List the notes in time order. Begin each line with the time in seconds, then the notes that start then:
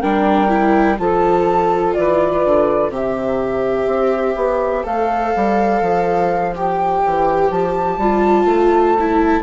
0.00 G3 D4 A#4 G5
0.49 E4
0.99 F3 F4 A4 A5
1.94 E3 B4 D5
2.45 D3
2.90 C3 G4 C5 E5
3.86 C4
4.36 B3
4.84 A3 A4 F5
5.36 G3
5.81 F3
6.55 G4 G5
7.06 E3
7.50 F3 A5
7.98 G3 F4
8.45 A3
8.99 E4